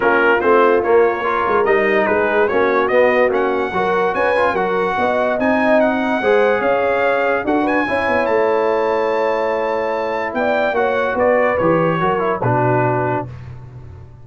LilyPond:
<<
  \new Staff \with { instrumentName = "trumpet" } { \time 4/4 \tempo 4 = 145 ais'4 c''4 cis''2 | dis''4 b'4 cis''4 dis''4 | fis''2 gis''4 fis''4~ | fis''4 gis''4 fis''2 |
f''2 fis''8 gis''4. | a''1~ | a''4 g''4 fis''4 d''4 | cis''2 b'2 | }
  \new Staff \with { instrumentName = "horn" } { \time 4/4 f'2. ais'4~ | ais'4 gis'4 fis'2~ | fis'4 ais'4 b'4 ais'4 | dis''2. c''4 |
cis''2 a'8 b'8 cis''4~ | cis''1~ | cis''4 d''4 cis''4 b'4~ | b'4 ais'4 fis'2 | }
  \new Staff \with { instrumentName = "trombone" } { \time 4/4 cis'4 c'4 ais4 f'4 | dis'2 cis'4 b4 | cis'4 fis'4. f'8 fis'4~ | fis'4 dis'2 gis'4~ |
gis'2 fis'4 e'4~ | e'1~ | e'2 fis'2 | g'4 fis'8 e'8 d'2 | }
  \new Staff \with { instrumentName = "tuba" } { \time 4/4 ais4 a4 ais4. gis8 | g4 gis4 ais4 b4 | ais4 fis4 cis'4 fis4 | b4 c'2 gis4 |
cis'2 d'4 cis'8 b8 | a1~ | a4 b4 ais4 b4 | e4 fis4 b,2 | }
>>